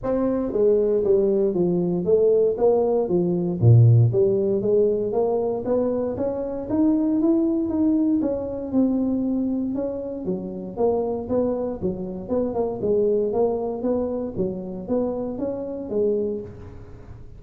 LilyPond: \new Staff \with { instrumentName = "tuba" } { \time 4/4 \tempo 4 = 117 c'4 gis4 g4 f4 | a4 ais4 f4 ais,4 | g4 gis4 ais4 b4 | cis'4 dis'4 e'4 dis'4 |
cis'4 c'2 cis'4 | fis4 ais4 b4 fis4 | b8 ais8 gis4 ais4 b4 | fis4 b4 cis'4 gis4 | }